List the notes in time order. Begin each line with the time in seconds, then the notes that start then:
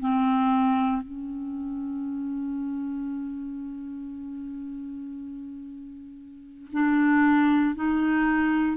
0.00 C4
1.02 C#4
6.72 D4
7.75 D#4